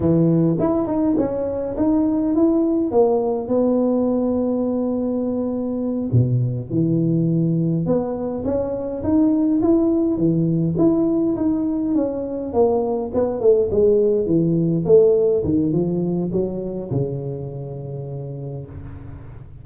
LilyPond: \new Staff \with { instrumentName = "tuba" } { \time 4/4 \tempo 4 = 103 e4 e'8 dis'8 cis'4 dis'4 | e'4 ais4 b2~ | b2~ b8 b,4 e8~ | e4. b4 cis'4 dis'8~ |
dis'8 e'4 e4 e'4 dis'8~ | dis'8 cis'4 ais4 b8 a8 gis8~ | gis8 e4 a4 dis8 f4 | fis4 cis2. | }